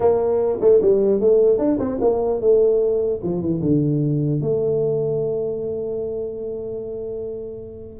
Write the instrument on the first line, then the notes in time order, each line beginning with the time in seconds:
tuba
0.00 A#3
0.60 A3
0.81 G3
1.20 A3
1.58 D4
1.79 C4
2.00 A#3
2.41 A3
3.23 F3
3.41 E3
3.61 D3
4.41 A3